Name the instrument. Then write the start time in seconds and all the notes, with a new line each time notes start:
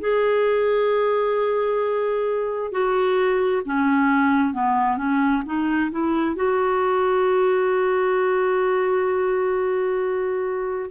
clarinet
0.00 G#4
2.71 F#4
3.65 C#4
4.54 B3
4.98 C#4
5.45 D#4
5.91 E4
6.36 F#4